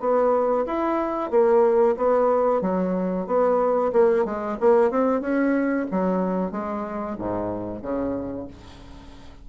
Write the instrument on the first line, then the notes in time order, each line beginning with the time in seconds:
bassoon
0.00 B3
0.66 E4
1.30 A#3
1.97 B3
2.61 F#3
3.26 B3
3.92 A#3
4.25 G#3
4.60 A#3
4.90 C4
5.21 C#4
5.91 F#3
6.51 G#3
7.18 G#2
7.82 C#3